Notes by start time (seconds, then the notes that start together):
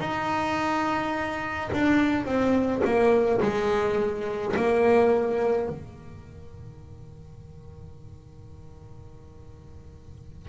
0.00 D#4
1.73 D4
2.25 C4
2.84 A#3
3.42 G#3
4.56 A#3
5.69 D#3